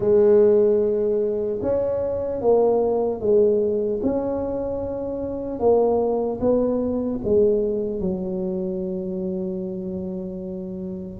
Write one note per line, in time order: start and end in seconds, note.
0.00 1.59 G#3
1.62 2.41 C#4
2.41 3.20 A#3
3.20 4.00 G#3
4.02 5.59 C#4
5.59 6.39 A#3
6.40 7.20 B3
7.24 8.00 G#3
8.00 11.20 F#3